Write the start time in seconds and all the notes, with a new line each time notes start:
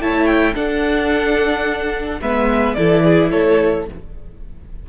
0.00 A3 E4 C#5 A5
0.26 G5
0.54 D4 A4 F#5
2.22 G#3 B3 B4 E5
2.74 E3 E4 A4 D5
3.04 G#4
3.31 A3 A4 C#5